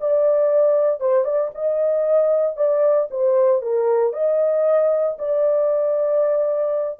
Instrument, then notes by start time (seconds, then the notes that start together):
horn
0.00 D5
1.00 C5
1.25 D5
1.55 D#5
2.56 D5
3.11 C5
3.62 A#4
4.13 D#5
5.19 D5